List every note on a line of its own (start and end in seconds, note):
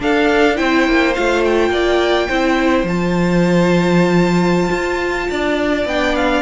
0.00 0.56 D4
0.00 0.60 D4
0.00 0.57 A4
0.00 0.57 F5
0.56 0.88 C4
0.56 1.13 E4
0.56 1.71 C5
0.56 1.14 G5
0.88 1.16 A#3
1.15 1.70 A3
1.15 2.30 F4
1.15 1.44 F5
1.45 2.88 G5
1.70 2.27 A#3
1.70 2.27 D5
2.27 2.84 C4
2.27 2.88 E4
2.27 5.27 C5
2.84 4.70 F3
2.84 5.88 F4
2.84 5.88 A5
4.71 5.29 F4
5.31 5.86 D4
5.31 6.43 D5
5.86 6.43 B3
5.86 6.43 D4
5.86 6.16 G5
6.16 6.43 F5